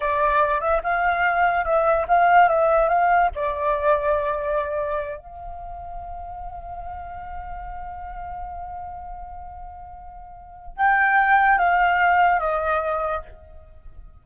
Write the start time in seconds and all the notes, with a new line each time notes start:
0.00 D5
0.60 E5
0.83 F5
1.64 E5
2.08 F5
2.48 E5
2.89 F5
3.35 D5
5.18 F5
10.76 G5
11.58 F5
12.39 D#5